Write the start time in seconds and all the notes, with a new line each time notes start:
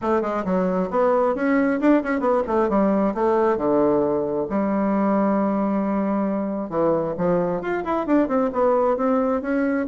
0.01 A3
0.21 G#3
0.45 F#3
0.90 B3
1.35 C#4
1.80 D4
2.03 C#4
2.20 B3
2.47 A3
2.69 G3
3.14 A3
3.57 D3
4.49 G3
6.69 E3
7.17 F3
7.61 F4
7.84 E4
8.06 D4
8.28 C4
8.52 B3
8.96 C4
9.41 C#4